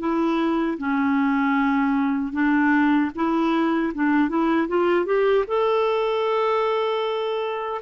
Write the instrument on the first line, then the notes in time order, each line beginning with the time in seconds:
clarinet
0.00 E4
0.78 C#4
2.33 D4
3.15 E4
3.95 D4
4.29 E4
4.68 F4
5.06 G4
5.48 A4